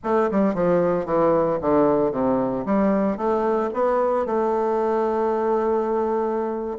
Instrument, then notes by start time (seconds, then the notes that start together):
bassoon
0.03 A3
0.31 G3
0.54 F3
1.05 E3
1.61 D3
2.11 C3
2.65 G3
3.17 A3
3.73 B3
4.26 A3